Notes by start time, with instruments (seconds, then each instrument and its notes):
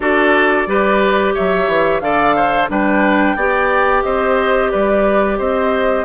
0.00 bassoon D4, clarinet F#4, oboe A4, flute D5
0.67 bassoon G3, clarinet G4, oboe B4
1.34 bassoon F#3, oboe C#5, flute E5
1.67 bassoon E3
1.99 bassoon D3, clarinet A4, oboe D5, flute F5
2.36 oboe C5
2.69 bassoon G3, clarinet D4, oboe B4, flute G5
3.35 bassoon B3, clarinet G4, oboe D5
4.03 bassoon C4, oboe C5, flute D#5
4.71 bassoon G3, oboe B4, flute D5
5.38 bassoon C4, oboe C5, flute D#5